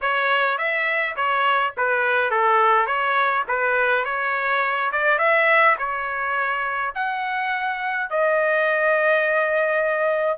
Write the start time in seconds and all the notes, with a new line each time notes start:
0.01 C#5
0.58 E5
1.16 C#5
1.77 B4
2.30 A4
2.86 C#5
3.48 B4
4.04 C#5
4.92 D5
5.18 E5
5.78 C#5
6.94 F#5
8.10 D#5